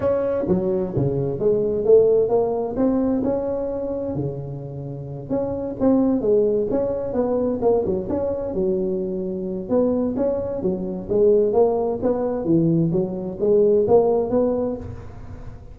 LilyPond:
\new Staff \with { instrumentName = "tuba" } { \time 4/4 \tempo 4 = 130 cis'4 fis4 cis4 gis4 | a4 ais4 c'4 cis'4~ | cis'4 cis2~ cis8 cis'8~ | cis'8 c'4 gis4 cis'4 b8~ |
b8 ais8 fis8 cis'4 fis4.~ | fis4 b4 cis'4 fis4 | gis4 ais4 b4 e4 | fis4 gis4 ais4 b4 | }